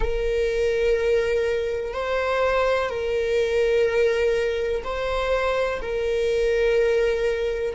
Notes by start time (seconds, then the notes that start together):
0.00 A#4
1.94 C5
2.89 A#4
4.83 C5
5.81 A#4